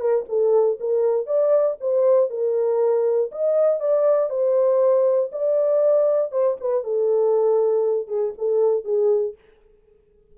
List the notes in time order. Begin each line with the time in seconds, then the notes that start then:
0.00 A#4
0.29 A4
0.80 A#4
1.27 D5
1.80 C5
2.30 A#4
3.32 D#5
3.80 D5
4.29 C5
5.32 D5
6.32 C5
6.60 B4
6.84 A4
8.08 G#4
8.38 A4
8.85 G#4